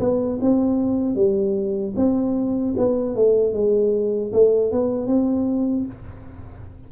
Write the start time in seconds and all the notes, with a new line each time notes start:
0.00 B3
0.42 C4
1.16 G3
1.96 C4
2.77 B3
3.16 A3
3.53 G#3
4.33 A3
4.72 B3
5.07 C4